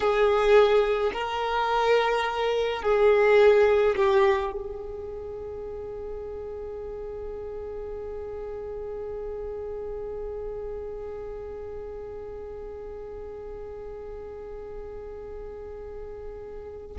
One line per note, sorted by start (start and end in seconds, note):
0.00 1.11 G#4
1.13 2.82 A#4
2.82 3.95 G#4
3.96 4.51 G4
4.51 16.97 G#4